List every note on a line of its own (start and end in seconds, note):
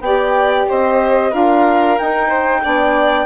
0.00 0.65 B3
0.00 1.31 G4
0.00 0.69 D5
0.00 0.66 G5
0.69 1.33 C4
0.69 1.31 C5
0.69 1.34 D#5
1.31 1.99 D4
1.31 1.96 F4
1.31 2.28 A#4
1.31 1.99 F5
1.98 2.62 D#4
1.98 2.65 D#4
1.98 3.26 G5
2.28 2.60 C5
2.62 3.26 B3
2.62 3.26 D4
2.62 3.26 D5